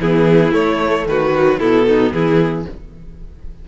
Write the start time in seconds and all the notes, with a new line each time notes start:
0.00 E3 B3 E4 G#4
0.51 A3 C#5
1.06 D#3 F#4 B4
1.36 F#3
1.59 B2 B3 E4 A4
1.87 D#4
2.12 E3 E4 G#4